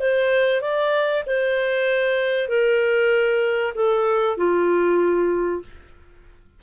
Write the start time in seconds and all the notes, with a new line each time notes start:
0.00 C5
0.62 D5
1.27 C5
2.49 A#4
3.75 A4
4.38 F4